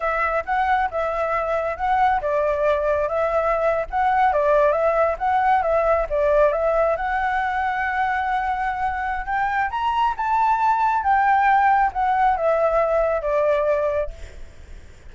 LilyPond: \new Staff \with { instrumentName = "flute" } { \time 4/4 \tempo 4 = 136 e''4 fis''4 e''2 | fis''4 d''2 e''4~ | e''8. fis''4 d''4 e''4 fis''16~ | fis''8. e''4 d''4 e''4 fis''16~ |
fis''1~ | fis''4 g''4 ais''4 a''4~ | a''4 g''2 fis''4 | e''2 d''2 | }